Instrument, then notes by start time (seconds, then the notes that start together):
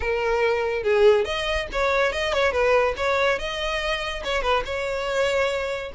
violin
0.00 A#4
0.83 G#4
1.24 D#5
1.72 C#5
2.12 D#5
2.33 C#5
2.52 B4
2.96 C#5
3.38 D#5
4.24 C#5
4.42 B4
4.65 C#5